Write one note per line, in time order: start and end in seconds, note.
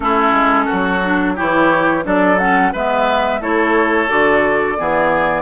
0.00 0.32 A3
0.00 1.02 C#4
0.00 0.65 E4
0.00 1.37 A4
0.32 0.66 G#3
0.65 1.33 F#4
0.72 1.40 F#3
1.03 1.36 D4
1.35 2.05 E3
1.35 2.03 E4
1.35 2.03 G4
1.35 2.05 C#5
2.03 2.73 F#3
2.03 2.37 D4
2.03 2.72 A4
2.03 2.38 D5
2.38 2.73 C#4
2.38 2.72 F#5
2.72 3.40 G#3
2.72 3.40 B3
2.72 3.40 B4
2.72 3.42 E5
3.40 4.08 A3
3.40 4.08 E4
3.40 4.78 A4
3.40 4.09 C#5
4.08 4.77 D3
4.08 4.76 F#4
4.08 5.42 D5
4.77 5.42 E3
4.77 5.42 B3
4.77 5.42 G#4